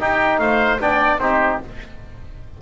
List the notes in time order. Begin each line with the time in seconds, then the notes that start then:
0.00 D#4 G4 G5
0.39 A3 C5 F5
0.80 B3 D4 D5 G5
1.18 C4 D#4 G4 C5